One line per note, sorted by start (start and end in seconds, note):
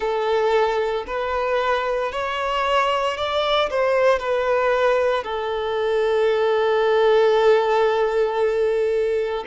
0.00 1.04 A4
1.06 2.11 B4
2.11 3.17 C#5
3.17 3.69 D5
3.69 4.19 C5
4.19 5.23 B4
5.23 9.44 A4